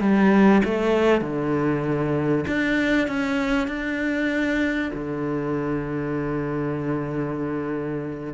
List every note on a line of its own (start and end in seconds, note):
0.00 0.62 G3
0.64 1.21 A3
1.21 2.45 D3
2.47 3.08 D4
3.08 3.68 C#4
3.68 4.91 D4
4.94 8.34 D3